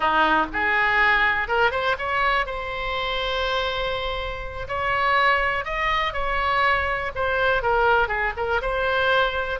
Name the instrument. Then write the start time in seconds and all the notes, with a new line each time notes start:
oboe
0.00 D#4
0.52 G#4
1.48 A#4
1.71 C5
1.98 C#5
2.46 C5
4.68 C#5
5.64 D#5
6.13 C#5
7.15 C5
7.62 A#4
8.08 G#4
8.36 A#4
8.61 C5